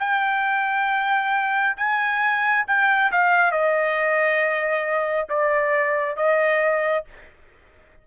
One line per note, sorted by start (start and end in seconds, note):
0.00 1.76 G5
1.77 2.66 G#5
2.68 3.12 G5
3.12 3.52 F5
3.52 5.29 D#5
5.29 6.17 D5
6.17 7.05 D#5